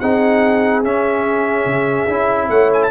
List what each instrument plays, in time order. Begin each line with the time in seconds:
0.00 tuba C4, trombone D#4, horn G#4, trumpet F#5
0.84 tuba C#4, trombone C#4, trumpet E5
1.66 tuba C#3
2.08 tuba C#4, trombone E4
2.50 tuba A3, horn C#5, trumpet F#5
2.73 trumpet G#5
2.83 trumpet A5